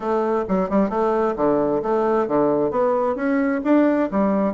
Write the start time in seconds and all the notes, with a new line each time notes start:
0.00 A3
0.48 F#3
0.69 G3
0.89 A3
1.36 D3
1.82 A3
2.27 D3
2.70 B3
3.15 C#4
3.64 D4
4.11 G3